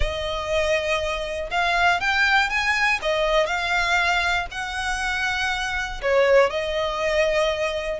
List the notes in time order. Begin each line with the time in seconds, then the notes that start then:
0.00 D#5
1.50 F5
2.00 G5
2.49 G#5
3.01 D#5
3.46 F5
4.51 F#5
6.01 C#5
6.50 D#5